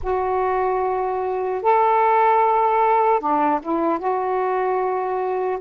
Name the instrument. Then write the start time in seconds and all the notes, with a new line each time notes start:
saxophone
0.02 F#4
1.62 A4
3.20 D4
3.62 E4
3.99 F#4